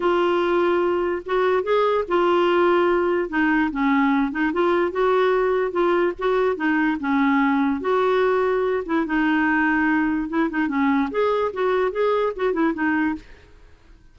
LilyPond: \new Staff \with { instrumentName = "clarinet" } { \time 4/4 \tempo 4 = 146 f'2. fis'4 | gis'4 f'2. | dis'4 cis'4. dis'8 f'4 | fis'2 f'4 fis'4 |
dis'4 cis'2 fis'4~ | fis'4. e'8 dis'2~ | dis'4 e'8 dis'8 cis'4 gis'4 | fis'4 gis'4 fis'8 e'8 dis'4 | }